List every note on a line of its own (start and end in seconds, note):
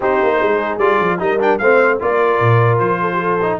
0.00 0.20 C4
0.00 0.80 D#4
0.00 0.36 G4
0.00 0.78 C5
0.22 0.42 A#3
0.37 0.77 G#3
0.37 1.17 G#4
0.77 0.97 G3
0.77 1.19 F4
0.77 1.18 D5
1.00 1.20 F3
1.19 1.60 G3
1.19 1.39 D#4
1.19 1.61 A#4
1.19 1.41 D#5
1.39 1.59 D4
1.39 1.58 G5
1.58 2.01 A3
1.58 2.00 C4
1.58 2.01 C5
1.58 1.98 F5
2.00 2.40 A#3
2.00 3.40 F4
2.00 3.01 A#4
2.00 2.78 D5
2.40 2.79 A#2
2.78 3.59 F3
2.78 3.58 C5
3.01 3.11 A4
3.12 3.19 G4
3.19 3.59 A4
3.41 3.59 D#4